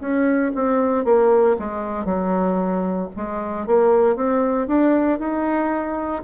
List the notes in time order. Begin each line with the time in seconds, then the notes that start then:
0.00 C#4
0.55 C4
1.04 A#3
1.59 G#3
2.05 F#3
3.16 G#3
3.66 A#3
4.16 C4
4.67 D4
5.19 D#4